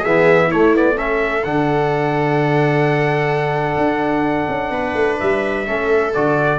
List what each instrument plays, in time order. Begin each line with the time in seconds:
0.00 tuba E3, viola G#4, trumpet E5
0.06 trombone B3
0.47 tuba A3, trombone A3, viola E4, trumpet C#5
0.74 trombone B3, trumpet D5
0.96 trombone C#4, viola A4, trumpet E5
1.44 tuba D3, trombone D4, trumpet F#5
3.77 tuba D4
4.49 tuba C#4
4.70 tuba B3, viola B4
4.94 tuba A3
5.20 tuba G3, trumpet E5
5.67 tuba A3, trombone C#4, viola A4
6.14 tuba D3, trombone F#4, trumpet D5